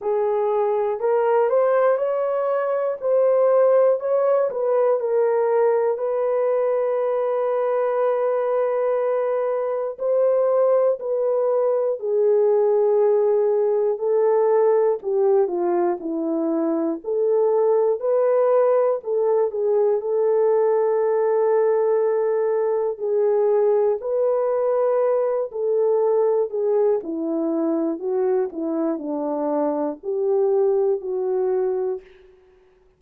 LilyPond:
\new Staff \with { instrumentName = "horn" } { \time 4/4 \tempo 4 = 60 gis'4 ais'8 c''8 cis''4 c''4 | cis''8 b'8 ais'4 b'2~ | b'2 c''4 b'4 | gis'2 a'4 g'8 f'8 |
e'4 a'4 b'4 a'8 gis'8 | a'2. gis'4 | b'4. a'4 gis'8 e'4 | fis'8 e'8 d'4 g'4 fis'4 | }